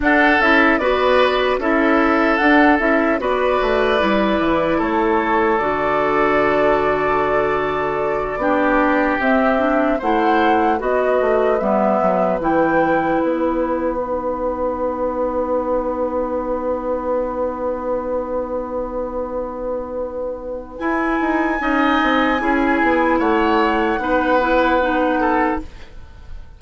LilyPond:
<<
  \new Staff \with { instrumentName = "flute" } { \time 4/4 \tempo 4 = 75 fis''8 e''8 d''4 e''4 fis''8 e''8 | d''2 cis''4 d''4~ | d''2.~ d''8 e''8~ | e''8 fis''4 dis''4 e''4 g''8~ |
g''8 fis''2.~ fis''8~ | fis''1~ | fis''2 gis''2~ | gis''4 fis''2. | }
  \new Staff \with { instrumentName = "oboe" } { \time 4/4 a'4 b'4 a'2 | b'2 a'2~ | a'2~ a'8 g'4.~ | g'8 c''4 b'2~ b'8~ |
b'1~ | b'1~ | b'2. dis''4 | gis'4 cis''4 b'4. a'8 | }
  \new Staff \with { instrumentName = "clarinet" } { \time 4/4 d'8 e'8 fis'4 e'4 d'8 e'8 | fis'4 e'2 fis'4~ | fis'2~ fis'8 d'4 c'8 | d'8 e'4 fis'4 b4 e'8~ |
e'4. dis'2~ dis'8~ | dis'1~ | dis'2 e'4 dis'4 | e'2 dis'8 e'8 dis'4 | }
  \new Staff \with { instrumentName = "bassoon" } { \time 4/4 d'8 cis'8 b4 cis'4 d'8 cis'8 | b8 a8 g8 e8 a4 d4~ | d2~ d8 b4 c'8~ | c'8 a4 b8 a8 g8 fis8 e8~ |
e8 b2.~ b8~ | b1~ | b2 e'8 dis'8 cis'8 c'8 | cis'8 b8 a4 b2 | }
>>